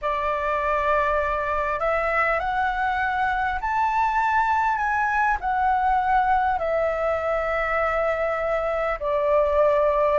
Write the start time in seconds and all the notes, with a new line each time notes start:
0.01 D5
1.79 E5
2.39 F#5
3.61 A5
4.77 G#5
5.40 F#5
6.58 E5
8.99 D5